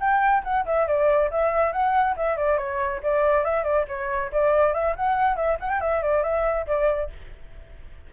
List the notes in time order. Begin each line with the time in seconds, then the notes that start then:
0.00 G5
0.44 F#5
0.66 E5
0.87 D5
1.31 E5
1.72 F#5
2.16 E5
2.37 D5
2.58 C#5
3.03 D5
3.44 E5
3.64 D5
3.88 C#5
4.32 D5
4.73 E5
4.96 F#5
5.36 E5
5.60 F#5
5.70 G5
5.81 E5
6.02 D5
6.23 E5
6.67 D5